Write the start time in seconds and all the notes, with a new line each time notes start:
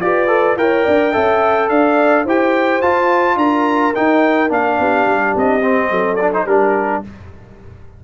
0.00 F4 G4 B4 D5
0.28 A4
0.57 E4 A#4 C#5 G5
0.84 D4 D5
1.11 C#4 A4 E5
1.69 D4 D5 F5
2.24 E4 G4 C5 G5
2.81 F4 A5
3.36 D4 A#4 A#5
3.95 D#4 G5
4.49 A#3 D4 F5
4.79 B3 G4
5.06 G3
5.36 C4 D#5
5.62 C4
5.90 F#3 A4
6.16 D4 D5
6.33 D#4 C5
6.46 G3 D4 G4 A#4